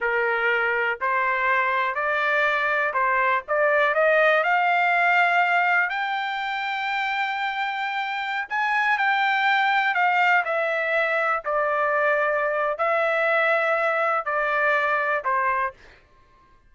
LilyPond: \new Staff \with { instrumentName = "trumpet" } { \time 4/4 \tempo 4 = 122 ais'2 c''2 | d''2 c''4 d''4 | dis''4 f''2. | g''1~ |
g''4~ g''16 gis''4 g''4.~ g''16~ | g''16 f''4 e''2 d''8.~ | d''2 e''2~ | e''4 d''2 c''4 | }